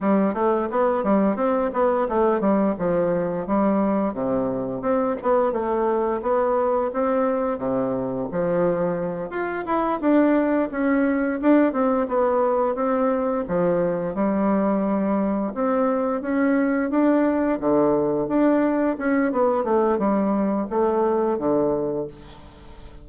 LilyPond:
\new Staff \with { instrumentName = "bassoon" } { \time 4/4 \tempo 4 = 87 g8 a8 b8 g8 c'8 b8 a8 g8 | f4 g4 c4 c'8 b8 | a4 b4 c'4 c4 | f4. f'8 e'8 d'4 cis'8~ |
cis'8 d'8 c'8 b4 c'4 f8~ | f8 g2 c'4 cis'8~ | cis'8 d'4 d4 d'4 cis'8 | b8 a8 g4 a4 d4 | }